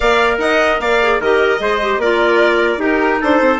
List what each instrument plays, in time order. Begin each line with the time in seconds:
0.00 bassoon A#3, clarinet A#4, trumpet D5, violin F5
0.38 bassoon D#4, trumpet D#5, violin F#5
0.80 bassoon A#3, trumpet D5, violin F5
1.01 clarinet G#4
1.19 bassoon D#3, clarinet G4, trumpet A#4, violin D#5
1.58 bassoon G#3, clarinet G#4, trumpet C5
1.81 clarinet G4
1.97 bassoon A#3, clarinet F4, trumpet A#4, violin D5
2.77 bassoon D#4, clarinet D#4, trumpet G4, violin A#4
3.20 bassoon D4, trumpet A4, violin C5
3.41 bassoon C4